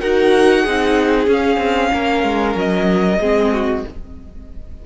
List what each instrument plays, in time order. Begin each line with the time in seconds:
0.00 cello D#4, viola F#4, violin A#4 F#5
0.62 cello C4, viola D#4, violin G#4
1.26 viola C#4, cello C#4, violin F5
1.57 cello C4
1.93 cello A#3, violin A#4
2.23 cello G#3
2.55 cello F#3, violin D#5
3.19 cello G#3, viola C4, violin G#4
3.53 violin F#4